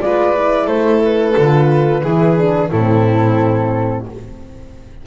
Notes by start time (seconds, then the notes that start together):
0.00 G#3 F4 B4 D5
0.35 E4
0.66 A3 A4 C5
1.04 B4
1.37 D3 F4
2.03 E3 E4 G#4
2.37 D4
2.70 A2 C4 E4 A4